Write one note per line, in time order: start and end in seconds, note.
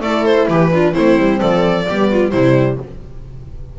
0.00 0.46 A3
0.00 0.71 E4
0.00 0.48 A4
0.00 0.25 D5
0.25 0.48 C5
0.48 0.94 E3
0.48 0.72 G4
0.48 0.93 B4
0.71 0.93 D4
0.71 0.93 F4
0.93 1.18 A3
0.93 1.85 C4
0.93 1.39 E4
0.93 1.40 C5
1.18 1.41 G3
1.40 1.88 F3
1.40 1.86 A4
1.40 2.30 D5
1.88 2.32 G3
1.88 2.33 B3
1.88 2.11 G4
2.11 2.32 F4
2.30 2.79 C3
2.30 2.79 G3
2.30 2.78 E4
2.30 2.76 C5